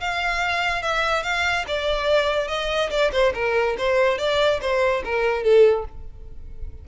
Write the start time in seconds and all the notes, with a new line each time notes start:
0.00 F5
0.82 E5
1.23 F5
1.67 D5
2.47 D#5
2.90 D5
3.12 C5
3.34 A#4
3.77 C5
4.18 D5
4.61 C5
5.04 A#4
5.43 A4